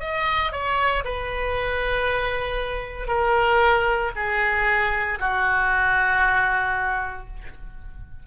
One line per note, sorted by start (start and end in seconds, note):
0.00 0.52 D#5
0.52 1.03 C#5
1.04 3.08 B4
3.08 4.11 A#4
4.15 5.19 G#4
5.20 7.26 F#4